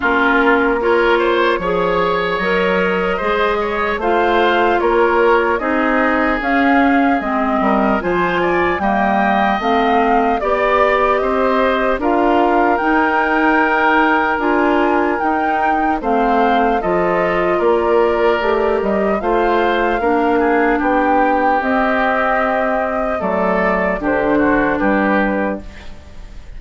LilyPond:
<<
  \new Staff \with { instrumentName = "flute" } { \time 4/4 \tempo 4 = 75 ais'4 cis''2 dis''4~ | dis''4 f''4 cis''4 dis''4 | f''4 dis''4 gis''4 g''4 | f''4 d''4 dis''4 f''4 |
g''2 gis''4 g''4 | f''4 dis''4 d''4. dis''8 | f''2 g''4 dis''4~ | dis''4 d''4 c''4 b'4 | }
  \new Staff \with { instrumentName = "oboe" } { \time 4/4 f'4 ais'8 c''8 cis''2 | c''8 cis''8 c''4 ais'4 gis'4~ | gis'4. ais'8 c''8 d''8 dis''4~ | dis''4 d''4 c''4 ais'4~ |
ais'1 | c''4 a'4 ais'2 | c''4 ais'8 gis'8 g'2~ | g'4 a'4 g'8 fis'8 g'4 | }
  \new Staff \with { instrumentName = "clarinet" } { \time 4/4 cis'4 f'4 gis'4 ais'4 | gis'4 f'2 dis'4 | cis'4 c'4 f'4 ais4 | c'4 g'2 f'4 |
dis'2 f'4 dis'4 | c'4 f'2 g'4 | f'4 d'2 c'4~ | c'4 a4 d'2 | }
  \new Staff \with { instrumentName = "bassoon" } { \time 4/4 ais2 f4 fis4 | gis4 a4 ais4 c'4 | cis'4 gis8 g8 f4 g4 | a4 b4 c'4 d'4 |
dis'2 d'4 dis'4 | a4 f4 ais4 a8 g8 | a4 ais4 b4 c'4~ | c'4 fis4 d4 g4 | }
>>